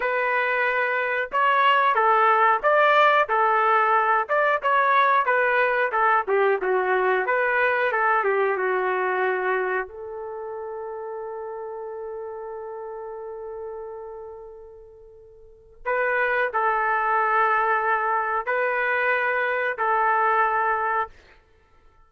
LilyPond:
\new Staff \with { instrumentName = "trumpet" } { \time 4/4 \tempo 4 = 91 b'2 cis''4 a'4 | d''4 a'4. d''8 cis''4 | b'4 a'8 g'8 fis'4 b'4 | a'8 g'8 fis'2 a'4~ |
a'1~ | a'1 | b'4 a'2. | b'2 a'2 | }